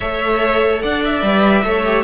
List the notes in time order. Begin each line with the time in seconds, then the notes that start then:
0.00 A3 A4 C#5 E5
0.82 D4 D5 F#5
1.04 E5
1.22 G3 B4
1.64 A3 A4 C#5
1.85 G4